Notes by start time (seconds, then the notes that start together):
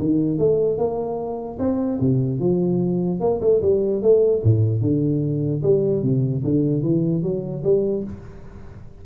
0.00 D#3
0.39 A3
0.78 A#3
1.59 C4
2.01 C3
2.40 F3
3.21 A#3
3.42 A3
3.62 G3
4.03 A3
4.44 A2
4.82 D3
5.63 G3
6.03 C3
6.44 D3
6.83 E3
7.23 F#3
7.64 G3